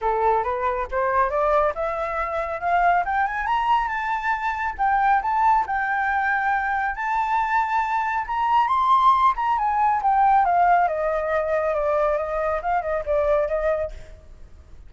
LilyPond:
\new Staff \with { instrumentName = "flute" } { \time 4/4 \tempo 4 = 138 a'4 b'4 c''4 d''4 | e''2 f''4 g''8 gis''8 | ais''4 a''2 g''4 | a''4 g''2. |
a''2. ais''4 | c'''4. ais''8 gis''4 g''4 | f''4 dis''2 d''4 | dis''4 f''8 dis''8 d''4 dis''4 | }